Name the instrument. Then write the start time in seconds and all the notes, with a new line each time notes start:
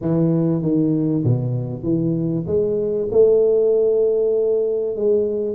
tuba
0.01 E3
0.62 D#3
1.23 B2
1.83 E3
2.46 G#3
3.11 A3
4.96 G#3